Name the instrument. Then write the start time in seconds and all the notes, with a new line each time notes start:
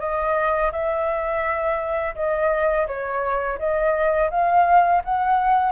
flute
0.00 D#5
0.72 E5
2.16 D#5
2.87 C#5
3.59 D#5
4.31 F5
5.05 F#5